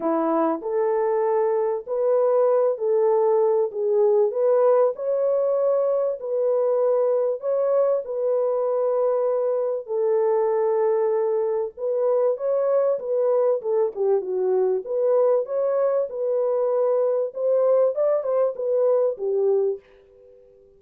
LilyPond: \new Staff \with { instrumentName = "horn" } { \time 4/4 \tempo 4 = 97 e'4 a'2 b'4~ | b'8 a'4. gis'4 b'4 | cis''2 b'2 | cis''4 b'2. |
a'2. b'4 | cis''4 b'4 a'8 g'8 fis'4 | b'4 cis''4 b'2 | c''4 d''8 c''8 b'4 g'4 | }